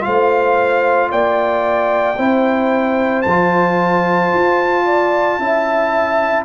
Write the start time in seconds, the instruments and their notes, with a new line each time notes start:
0.00 tuba A3, trombone F4, horn C5, trumpet F5
1.09 tuba A#3, horn D5, trumpet G5
2.17 tuba C4, trombone E4, horn C5
3.22 tuba F3, trumpet A5
3.29 trombone F4
4.33 tuba F4
4.85 horn D5
5.39 tuba C#4, trombone E4, horn E5